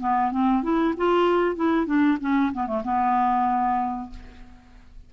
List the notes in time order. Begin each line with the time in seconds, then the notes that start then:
0.00 B3
0.32 C4
0.63 E4
0.97 F4
1.56 E4
1.86 D4
2.21 C#4
2.53 B3
2.67 A3
2.84 B3